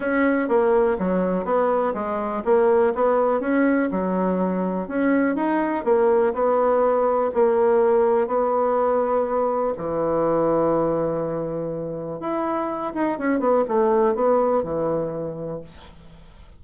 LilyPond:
\new Staff \with { instrumentName = "bassoon" } { \time 4/4 \tempo 4 = 123 cis'4 ais4 fis4 b4 | gis4 ais4 b4 cis'4 | fis2 cis'4 dis'4 | ais4 b2 ais4~ |
ais4 b2. | e1~ | e4 e'4. dis'8 cis'8 b8 | a4 b4 e2 | }